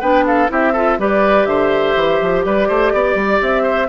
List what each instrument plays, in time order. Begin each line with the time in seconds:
0.00 bassoon B3, clarinet D4, oboe B4, flute G5
0.26 oboe A4, flute F5
0.48 bassoon C4, clarinet E4, oboe G4, flute E5
0.72 clarinet F4, oboe A4
0.98 bassoon G3, clarinet G4, oboe B4, flute D5
1.45 bassoon D3, oboe C5, flute E5
1.96 bassoon E3
2.21 bassoon F3
2.44 bassoon G3, oboe B4, flute D5
2.67 bassoon A3, oboe C5
2.93 bassoon B3, oboe D5
3.15 bassoon G3
3.41 bassoon C4, flute E5
3.62 oboe C5